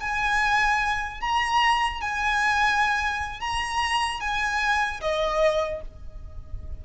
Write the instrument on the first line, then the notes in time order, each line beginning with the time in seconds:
violin
0.00 G#5
1.20 A#5
2.01 G#5
3.40 A#5
4.20 G#5
5.01 D#5